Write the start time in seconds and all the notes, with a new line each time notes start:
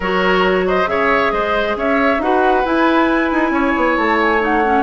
0.00 F#3 F#4 A#4 C#5
0.67 C5 D#5
0.85 C#3 G#4 C#5 E5
1.31 G#3 C5 D#5
1.76 C#4 C#5 E5
2.18 D#4 F#4 B4 F#5
2.64 E4 G#5
3.32 D#4
3.50 C#4 C#5
3.76 B3
3.97 A3 A5
4.20 G#5
4.40 D#4 F#5
4.64 C#4